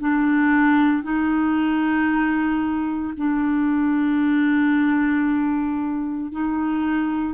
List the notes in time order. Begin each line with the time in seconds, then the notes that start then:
0.00 D4
1.03 D#4
3.17 D4
6.32 D#4